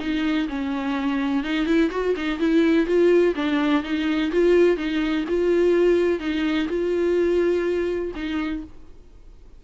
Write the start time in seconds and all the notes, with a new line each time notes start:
0.00 D#4
0.49 C#4
1.44 D#4
1.66 E4
1.91 F#4
2.16 D#4
2.40 E4
2.86 F4
3.36 D4
3.83 D#4
4.32 F4
4.77 D#4
5.29 F4
6.20 D#4
6.68 F4
8.15 D#4